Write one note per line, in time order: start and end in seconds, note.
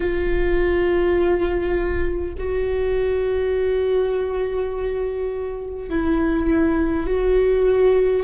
0.00 2.34 F4
2.37 5.89 F#4
5.89 7.06 E4
7.06 8.23 F#4